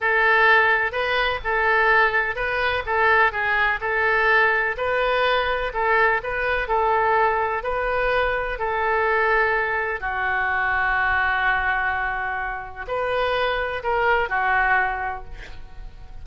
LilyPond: \new Staff \with { instrumentName = "oboe" } { \time 4/4 \tempo 4 = 126 a'2 b'4 a'4~ | a'4 b'4 a'4 gis'4 | a'2 b'2 | a'4 b'4 a'2 |
b'2 a'2~ | a'4 fis'2.~ | fis'2. b'4~ | b'4 ais'4 fis'2 | }